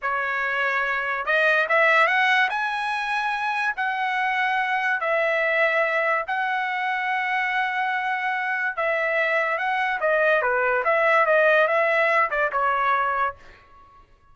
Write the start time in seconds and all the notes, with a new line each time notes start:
0.02 C#5
1.25 D#5
1.68 E5
2.07 F#5
2.49 G#5
3.76 F#5
5.00 E5
6.27 F#5
8.76 E5
9.57 F#5
10.00 D#5
10.42 B4
10.84 E5
11.26 D#5
11.67 E5
12.30 D5
12.52 C#5